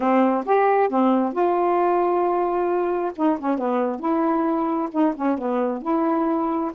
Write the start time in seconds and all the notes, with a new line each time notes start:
0.00 C4
0.45 G4
0.89 C4
1.32 F4
3.16 D#4
3.39 C#4
3.58 B3
3.99 E4
4.91 D#4
5.15 C#4
5.37 B3
5.81 E4